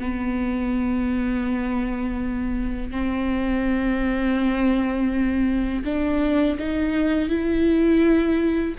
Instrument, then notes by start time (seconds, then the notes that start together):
viola
0.00 B3
2.91 C4
5.85 D4
6.59 D#4
7.29 E4